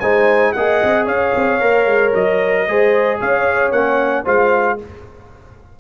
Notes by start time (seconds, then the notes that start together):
0.00 G#3 D#4 C5 G#5
0.53 A#3 G#4 D#5 F#5
0.83 C4
1.06 C#4 C#5 F5
1.36 C4
1.61 A#3 A#4
1.87 G#3
2.15 F#3 D#5
2.68 G#3 G#4 C5
3.20 C#4 C#5 F5
3.72 A#3 C#4 F#5
4.25 G#3 F4 C5 F5